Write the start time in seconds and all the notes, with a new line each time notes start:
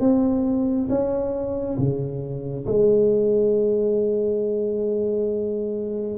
0.00 C4
0.89 C#4
1.78 C#3
2.67 G#3